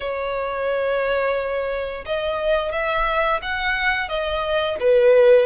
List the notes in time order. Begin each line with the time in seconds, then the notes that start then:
0.00 C#5
2.05 D#5
2.72 E5
3.42 F#5
4.08 D#5
4.80 B4